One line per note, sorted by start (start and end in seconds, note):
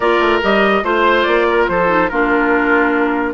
0.00 0.19 A#3
0.00 0.42 F4
0.00 0.83 A#4
0.00 0.42 D5
0.19 0.40 A3
0.42 0.83 G3
0.42 0.83 G4
0.42 0.84 D#5
0.83 1.25 A3
0.83 1.87 F4
0.83 1.47 C5
0.83 1.22 C5
1.22 1.68 A#3
1.22 1.64 D5
1.49 1.70 A#4
1.68 2.10 F3
1.68 2.10 A4
1.68 2.09 C5
1.87 2.08 D#4
2.09 3.34 A#3
2.09 3.34 D4
2.09 3.34 F4
2.09 3.34 A#4